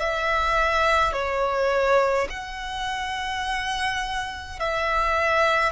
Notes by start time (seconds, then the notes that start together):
0.00 E5
1.12 C#5
2.30 F#5
4.59 E5